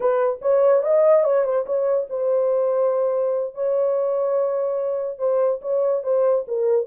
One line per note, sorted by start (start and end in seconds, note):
0.00 0.39 B4
0.41 0.83 C#5
0.83 1.24 D#5
1.24 1.44 C#5
1.44 1.65 C5
1.66 2.07 C#5
2.09 3.54 C5
3.54 5.18 C#5
5.18 5.60 C5
5.61 6.03 C#5
6.03 6.45 C5
6.47 6.86 A#4